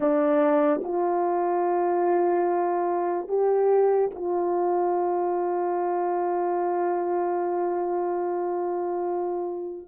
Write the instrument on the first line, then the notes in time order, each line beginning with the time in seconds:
horn
0.00 D4
0.83 F4
3.28 G4
4.14 F4